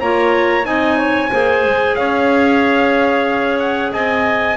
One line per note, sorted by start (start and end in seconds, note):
0.00 0.65 A#3
0.00 0.63 F4
0.00 0.66 C#5
0.00 0.65 A#5
0.63 1.30 C4
0.63 1.28 D#4
0.63 0.97 D#5
0.63 1.95 G#5
0.97 1.30 C#5
1.31 1.64 A#3
1.31 4.56 G#4
1.31 1.96 C5
1.64 1.96 G#3
1.95 3.92 C#4
1.95 3.92 C#5
1.95 3.58 F5
3.59 3.91 F#5
3.92 4.56 C4
3.92 4.56 D#5
3.92 4.56 G#5